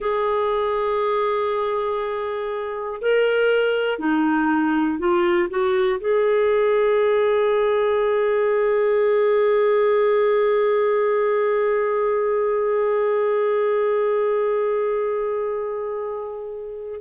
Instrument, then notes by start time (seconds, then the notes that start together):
clarinet
0.00 G#4
3.01 A#4
3.98 D#4
4.99 F4
5.50 F#4
6.00 G#4